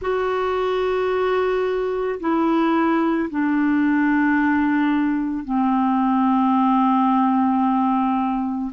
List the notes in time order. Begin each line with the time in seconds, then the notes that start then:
0.01 F#4
2.20 E4
3.30 D4
5.44 C4